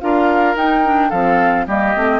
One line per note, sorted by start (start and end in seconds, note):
0.00 0.55 D4
0.00 0.56 F4
0.00 1.09 A#4
0.00 0.56 F5
0.55 1.11 D#4
0.55 0.84 D#4
0.55 1.10 G5
0.84 1.12 D4
1.09 1.67 F3
1.09 1.67 C4
1.09 1.65 A4
1.09 1.66 F5
1.67 1.94 G3
1.67 1.95 A#3
1.67 2.19 G4
1.67 2.19 D#5
1.95 2.19 A3
1.95 2.19 C4